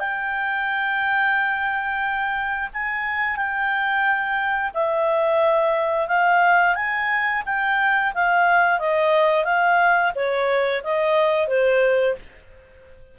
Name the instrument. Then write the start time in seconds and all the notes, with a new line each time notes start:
clarinet
0.00 G5
2.74 G#5
3.37 G5
4.75 E5
6.08 F5
6.76 G#5
7.46 G5
8.15 F5
8.79 D#5
9.45 F5
10.16 C#5
10.84 D#5
11.48 C5